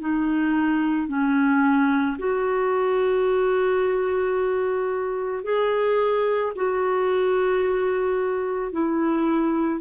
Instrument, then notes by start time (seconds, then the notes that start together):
clarinet
0.00 D#4
1.08 C#4
2.18 F#4
5.43 G#4
6.56 F#4
8.72 E4